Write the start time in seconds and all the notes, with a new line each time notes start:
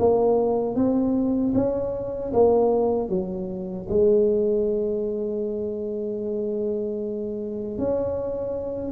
0.00 A#3
0.76 C4
1.55 C#4
2.33 A#3
3.10 F#3
3.90 G#3
7.79 C#4